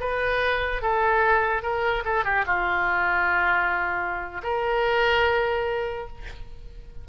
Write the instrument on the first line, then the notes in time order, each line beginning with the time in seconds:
oboe
0.00 B4
0.82 A4
1.63 A#4
2.05 A4
2.24 G4
2.46 F4
4.43 A#4